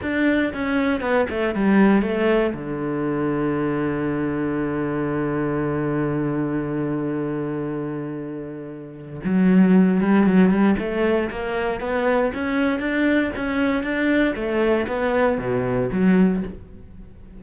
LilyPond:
\new Staff \with { instrumentName = "cello" } { \time 4/4 \tempo 4 = 117 d'4 cis'4 b8 a8 g4 | a4 d2.~ | d1~ | d1~ |
d2 fis4. g8 | fis8 g8 a4 ais4 b4 | cis'4 d'4 cis'4 d'4 | a4 b4 b,4 fis4 | }